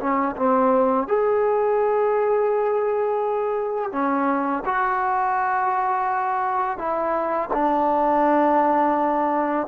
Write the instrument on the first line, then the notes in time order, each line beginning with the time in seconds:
trombone
0.00 C#4
0.36 C4
1.07 G#4
3.92 C#4
4.65 F#4
6.78 E4
7.53 D4